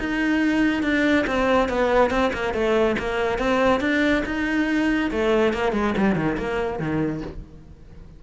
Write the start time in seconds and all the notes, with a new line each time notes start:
0.00 D#4
0.83 D4
1.27 C4
1.69 B3
2.11 C4
2.34 A#3
2.54 A3
2.99 A#3
3.38 C4
3.81 D4
4.26 D#4
5.12 A3
5.54 A#3
5.73 G#3
5.98 G3
6.16 D#3
6.38 A#3
6.79 D#3